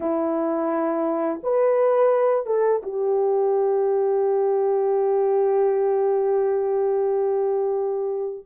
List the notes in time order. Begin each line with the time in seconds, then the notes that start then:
0.00 E4
1.43 B4
2.46 A4
2.82 G4